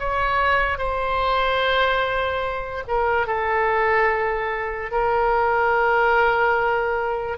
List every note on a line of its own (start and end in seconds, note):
0.00 0.78 C#5
0.78 2.84 C5
2.88 3.27 A#4
3.27 4.92 A4
4.92 7.38 A#4